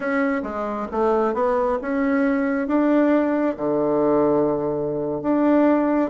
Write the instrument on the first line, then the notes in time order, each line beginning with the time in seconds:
bassoon
0.00 C#4
0.42 G#3
0.91 A3
1.34 B3
1.81 C#4
2.67 D4
3.56 D3
5.22 D4